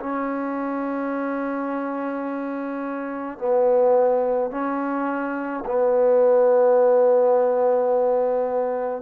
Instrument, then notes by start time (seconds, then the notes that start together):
trombone
0.00 C#4
3.39 B3
4.51 C#4
5.66 B3